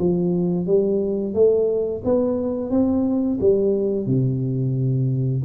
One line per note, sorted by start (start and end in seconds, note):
0.00 0.67 F3
0.67 1.35 G3
1.35 2.03 A3
2.05 2.71 B3
2.71 3.39 C4
3.41 4.07 G3
4.07 5.43 C3